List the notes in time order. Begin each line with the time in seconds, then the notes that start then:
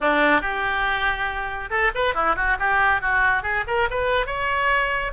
0.01 D4
0.41 G4
1.70 A4
1.94 B4
2.14 E4
2.36 F#4
2.59 G4
3.01 F#4
3.42 G#4
3.67 A#4
3.90 B4
4.26 C#5